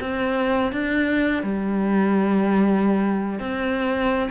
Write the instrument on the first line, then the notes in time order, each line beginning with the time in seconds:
cello
0.00 C4
0.72 D4
1.43 G3
3.39 C4